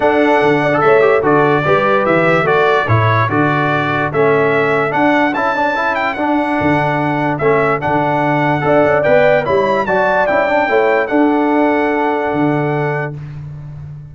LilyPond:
<<
  \new Staff \with { instrumentName = "trumpet" } { \time 4/4 \tempo 4 = 146 fis''2 e''4 d''4~ | d''4 e''4 d''4 cis''4 | d''2 e''2 | fis''4 a''4. g''8 fis''4~ |
fis''2 e''4 fis''4~ | fis''2 g''4 b''4 | a''4 g''2 fis''4~ | fis''1 | }
  \new Staff \with { instrumentName = "horn" } { \time 4/4 a'4. d''8 cis''4 a'4 | b'2 a'2~ | a'1~ | a'1~ |
a'1~ | a'4 d''2 cis''4 | d''2 cis''4 a'4~ | a'1 | }
  \new Staff \with { instrumentName = "trombone" } { \time 4/4 d'4.~ d'16 a'8. g'8 fis'4 | g'2 fis'4 e'4 | fis'2 cis'2 | d'4 e'8 d'8 e'4 d'4~ |
d'2 cis'4 d'4~ | d'4 a'4 b'4 e'4 | fis'4 e'8 d'8 e'4 d'4~ | d'1 | }
  \new Staff \with { instrumentName = "tuba" } { \time 4/4 d'4 d4 a4 d4 | g4 e4 a4 a,4 | d2 a2 | d'4 cis'2 d'4 |
d2 a4 d4~ | d4 d'8 cis'8 b4 g4 | fis4 cis'4 a4 d'4~ | d'2 d2 | }
>>